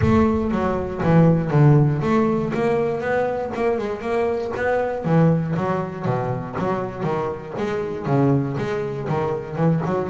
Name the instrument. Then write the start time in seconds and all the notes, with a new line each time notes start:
double bass
0.01 A3
0.51 F#3
1.03 E3
1.50 D3
2.01 A3
2.53 A#3
3.00 B3
3.55 A#3
3.77 G#3
4.01 A#3
4.56 B3
5.04 E3
5.56 F#3
6.05 B2
6.58 F#3
7.03 D#3
7.57 G#3
8.06 C#3
8.57 G#3
9.08 D#3
9.55 E3
9.85 F#3